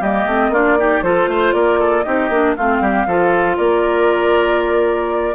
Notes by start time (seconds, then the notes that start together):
0.00 G3 A#3 G4 D#5
0.27 A3 C4
0.49 A#3 D4 F4 D5
0.78 D#4 G4
1.02 F3 F4 A4 C5
1.27 A3 C5
1.53 A#3 A#4 D5
1.79 A4
2.03 C4 D#4 G4 D#5
2.29 A#3 D4
2.56 A3 C4 F4 F5
2.81 G3 G4
3.07 F3 F4 A4
3.57 A#3 A#4 D5